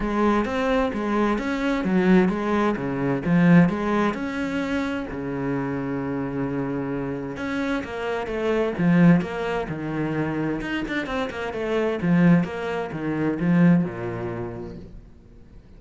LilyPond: \new Staff \with { instrumentName = "cello" } { \time 4/4 \tempo 4 = 130 gis4 c'4 gis4 cis'4 | fis4 gis4 cis4 f4 | gis4 cis'2 cis4~ | cis1 |
cis'4 ais4 a4 f4 | ais4 dis2 dis'8 d'8 | c'8 ais8 a4 f4 ais4 | dis4 f4 ais,2 | }